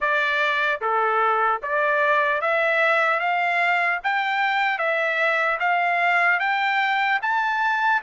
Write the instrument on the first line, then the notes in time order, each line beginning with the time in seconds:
trumpet
0.00 D5
0.81 A4
1.62 D5
2.41 E5
3.19 F5
4.03 G5
4.78 E5
5.59 F5
6.39 G5
7.22 A5